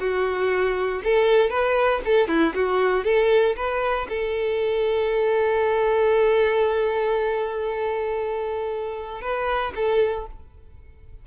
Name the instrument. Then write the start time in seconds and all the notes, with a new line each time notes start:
violin
0.00 F#4
1.04 A4
1.50 B4
2.05 A4
2.28 E4
2.55 F#4
3.05 A4
3.56 B4
4.09 A4
9.22 B4
9.76 A4